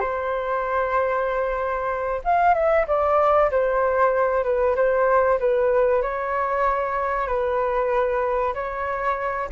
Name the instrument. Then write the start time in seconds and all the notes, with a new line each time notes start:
flute
0.00 C5
2.24 F5
2.54 E5
2.87 D5
3.51 C5
4.44 B4
4.76 C5
5.39 B4
6.02 C#5
7.27 B4
8.54 C#5